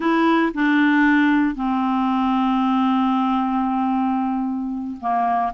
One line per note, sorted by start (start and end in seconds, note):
0.00 0.52 E4
0.54 1.55 D4
1.55 4.97 C4
5.00 5.53 A#3